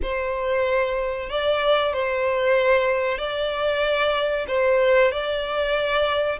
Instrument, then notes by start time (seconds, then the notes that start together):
violin
0.02 C5
1.29 D5
1.93 C5
3.17 D5
4.47 C5
5.11 D5